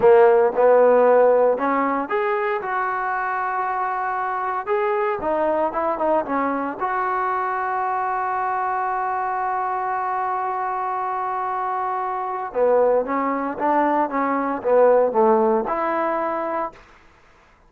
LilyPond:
\new Staff \with { instrumentName = "trombone" } { \time 4/4 \tempo 4 = 115 ais4 b2 cis'4 | gis'4 fis'2.~ | fis'4 gis'4 dis'4 e'8 dis'8 | cis'4 fis'2.~ |
fis'1~ | fis'1 | b4 cis'4 d'4 cis'4 | b4 a4 e'2 | }